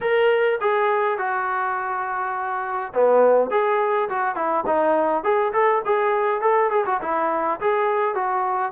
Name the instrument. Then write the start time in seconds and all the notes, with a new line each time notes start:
trombone
0.01 A#4
0.61 G#4
1.18 F#4
2.93 B3
3.50 G#4
4.09 F#4
4.35 E4
4.66 D#4
5.23 G#4
5.52 A4
5.85 G#4
6.41 A4
6.70 G#4
6.86 F#4
7.01 E4
7.60 G#4
8.14 F#4